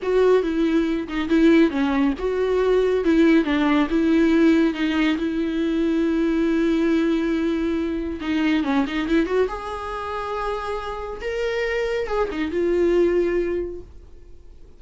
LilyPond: \new Staff \with { instrumentName = "viola" } { \time 4/4 \tempo 4 = 139 fis'4 e'4. dis'8 e'4 | cis'4 fis'2 e'4 | d'4 e'2 dis'4 | e'1~ |
e'2. dis'4 | cis'8 dis'8 e'8 fis'8 gis'2~ | gis'2 ais'2 | gis'8 dis'8 f'2. | }